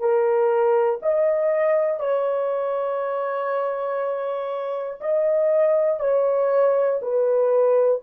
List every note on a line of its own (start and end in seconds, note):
0.00 1.00 A#4
1.02 2.00 D#5
2.00 5.00 C#5
5.01 6.00 D#5
6.00 7.00 C#5
7.01 8.01 B4